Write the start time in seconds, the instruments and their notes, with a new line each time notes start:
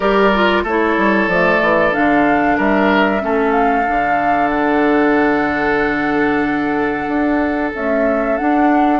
0.00 bassoon G3, clarinet G4, oboe A#4, flute D5
0.34 clarinet F4
0.63 bassoon A3, clarinet E4, oboe A4, flute C#5
0.97 bassoon G3
1.27 bassoon F3, clarinet A3, flute D5
1.61 bassoon E3
1.92 bassoon D3, clarinet D4, flute F5
2.57 bassoon G3, oboe A#4, flute E5
3.20 bassoon A3, clarinet C#4, oboe A4
3.51 flute F5
3.86 bassoon D3, clarinet D4
4.48 flute F#5
7.07 bassoon D4
7.75 clarinet A3, bassoon C#4, flute E5
8.37 clarinet D4, bassoon D4, flute F#5